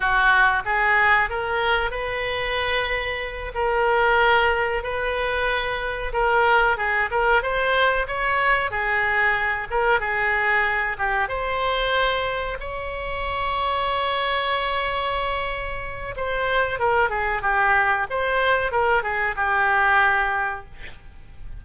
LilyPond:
\new Staff \with { instrumentName = "oboe" } { \time 4/4 \tempo 4 = 93 fis'4 gis'4 ais'4 b'4~ | b'4. ais'2 b'8~ | b'4. ais'4 gis'8 ais'8 c''8~ | c''8 cis''4 gis'4. ais'8 gis'8~ |
gis'4 g'8 c''2 cis''8~ | cis''1~ | cis''4 c''4 ais'8 gis'8 g'4 | c''4 ais'8 gis'8 g'2 | }